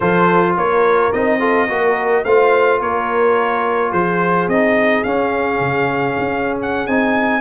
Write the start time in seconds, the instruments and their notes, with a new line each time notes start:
0.00 tuba F3, trombone F4, horn A4, trumpet C5
0.57 tuba A#3, horn A#4, trumpet C#5
1.12 tuba C4, trombone D#4, trumpet D#5
1.39 trombone F4, horn A4
1.68 tuba A#3, trombone F#4, horn A#4
2.24 tuba A3, trombone F4, horn C5, trumpet F5
2.78 tuba A#3, horn A#4, trumpet C#5
3.90 tuba F3, horn G#4, trumpet C5
4.47 tuba C4, trombone D#4, trumpet D#5
5.03 tuba C#4, trombone C#4, trumpet F5
5.59 tuba C#3
6.18 tuba C#4
6.62 trumpet F#5
6.86 tuba C4, trombone D#4, trumpet G#5